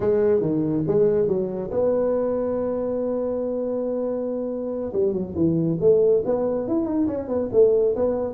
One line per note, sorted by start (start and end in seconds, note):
0.00 0.40 G#3
0.40 0.83 D#3
0.87 1.27 G#3
1.27 1.70 F#3
1.70 4.92 B3
4.93 5.12 G3
5.12 5.34 F#3
5.35 5.78 E3
5.80 6.23 A3
6.25 6.67 B3
6.67 6.85 E4
6.85 7.07 D#4
7.07 7.28 C#4
7.28 7.49 B3
7.52 7.95 A3
7.95 8.34 B3